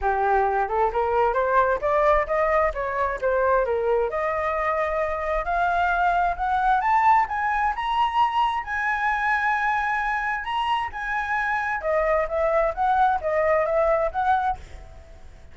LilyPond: \new Staff \with { instrumentName = "flute" } { \time 4/4 \tempo 4 = 132 g'4. a'8 ais'4 c''4 | d''4 dis''4 cis''4 c''4 | ais'4 dis''2. | f''2 fis''4 a''4 |
gis''4 ais''2 gis''4~ | gis''2. ais''4 | gis''2 dis''4 e''4 | fis''4 dis''4 e''4 fis''4 | }